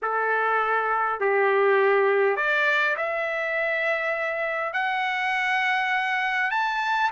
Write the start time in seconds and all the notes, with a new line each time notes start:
0.02 A4
1.20 G4
2.36 D5
2.96 E5
4.73 F#5
6.50 A5